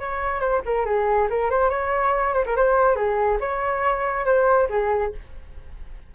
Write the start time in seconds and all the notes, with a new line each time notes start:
0.00 C#5
0.41 C5
0.66 A#4
0.86 G#4
1.30 A#4
1.50 C5
1.70 C#5
2.34 C5
2.46 A#4
2.56 C5
2.96 G#4
3.41 C#5
4.25 C5
4.70 G#4